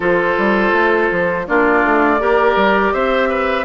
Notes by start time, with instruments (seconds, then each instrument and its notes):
0.00 bassoon F3, clarinet F4, oboe A4, flute C5
0.38 bassoon G3
0.72 bassoon A3
1.11 bassoon F3
1.46 bassoon A#3, clarinet D4, oboe F4, flute D5
1.84 bassoon A3
2.19 bassoon A#3, clarinet G4, oboe A#4
2.55 bassoon G3
2.93 bassoon C4, oboe C5, flute E5
3.29 oboe B4